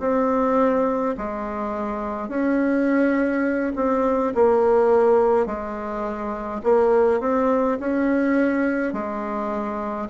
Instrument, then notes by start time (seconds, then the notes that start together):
bassoon
0.00 C4
1.17 G#3
2.29 C#4
3.76 C4
4.35 A#3
5.46 G#3
6.63 A#3
7.20 C4
7.80 C#4
8.93 G#3